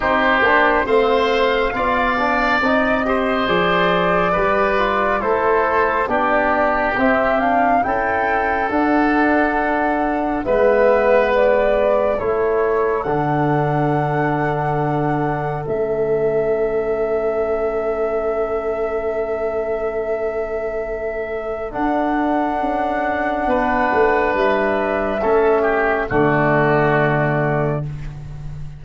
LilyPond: <<
  \new Staff \with { instrumentName = "flute" } { \time 4/4 \tempo 4 = 69 c''4 f''2 dis''4 | d''2 c''4 d''4 | e''8 f''8 g''4 fis''2 | e''4 d''4 cis''4 fis''4~ |
fis''2 e''2~ | e''1~ | e''4 fis''2. | e''2 d''2 | }
  \new Staff \with { instrumentName = "oboe" } { \time 4/4 g'4 c''4 d''4. c''8~ | c''4 b'4 a'4 g'4~ | g'4 a'2. | b'2 a'2~ |
a'1~ | a'1~ | a'2. b'4~ | b'4 a'8 g'8 fis'2 | }
  \new Staff \with { instrumentName = "trombone" } { \time 4/4 dis'8 d'8 c'4 f'8 d'8 dis'8 g'8 | gis'4 g'8 f'8 e'4 d'4 | c'8 d'8 e'4 d'2 | b2 e'4 d'4~ |
d'2 cis'2~ | cis'1~ | cis'4 d'2.~ | d'4 cis'4 a2 | }
  \new Staff \with { instrumentName = "tuba" } { \time 4/4 c'8 ais8 a4 b4 c'4 | f4 g4 a4 b4 | c'4 cis'4 d'2 | gis2 a4 d4~ |
d2 a2~ | a1~ | a4 d'4 cis'4 b8 a8 | g4 a4 d2 | }
>>